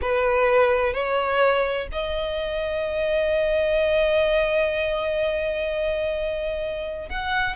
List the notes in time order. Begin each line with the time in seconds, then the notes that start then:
0.01 B4
0.93 C#5
1.92 D#5
7.09 F#5